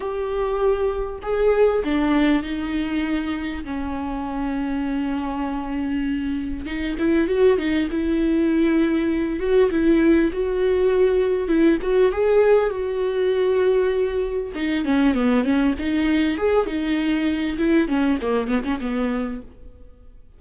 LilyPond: \new Staff \with { instrumentName = "viola" } { \time 4/4 \tempo 4 = 99 g'2 gis'4 d'4 | dis'2 cis'2~ | cis'2. dis'8 e'8 | fis'8 dis'8 e'2~ e'8 fis'8 |
e'4 fis'2 e'8 fis'8 | gis'4 fis'2. | dis'8 cis'8 b8 cis'8 dis'4 gis'8 dis'8~ | dis'4 e'8 cis'8 ais8 b16 cis'16 b4 | }